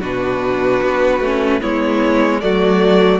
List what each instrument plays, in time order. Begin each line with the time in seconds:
0.00 cello B2, viola D4, violin F#4 B4
0.82 cello B3
1.20 cello A3, viola C#4
1.60 cello G#3, viola B3, violin E4 C#5
2.41 cello F#3, viola A3, violin F#4 D5